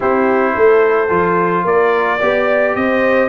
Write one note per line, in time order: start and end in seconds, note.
0.00 0.55 C4
0.00 1.08 E4
0.00 0.54 G4
0.00 1.66 C5
0.55 1.10 A3
0.55 1.65 A4
1.09 1.64 F3
1.09 2.19 F4
1.64 2.19 A#3
1.64 2.18 A#4
1.64 2.75 D5
2.18 2.75 B3
2.18 3.29 G4
2.18 2.73 D5
2.75 3.29 C4
2.75 3.29 C5
2.75 3.29 D#5